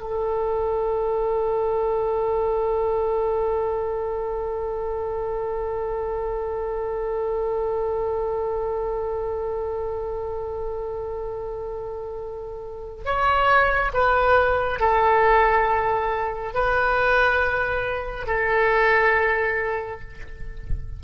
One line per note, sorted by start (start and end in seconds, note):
0.00 13.04 A4
13.04 13.91 C#5
13.93 14.79 B4
14.79 16.53 A4
16.53 18.26 B4
18.26 20.00 A4